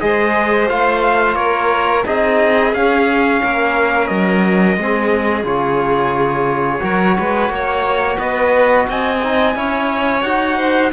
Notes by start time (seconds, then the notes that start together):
0.00 G#3 G#4 C5 D#5
0.68 A3 F4 F5
1.35 A#3 A#4 C#5
2.06 C4 D#4 G#4 D#5
2.73 C#4 F5
3.43 A#3 A#4
4.07 F#3 D#5
4.77 G#3 C4 G#4
5.44 C#3 F4 C#5
6.80 F#3 F#4 A#4
7.19 G#3 B4
7.49 A#3 C#5
8.18 B3 B4 D#5
8.89 C4 D#5 G#5
9.23 D#4
9.54 C#4 E4 C#5
10.22 D#4 F#4 F#5
10.58 C5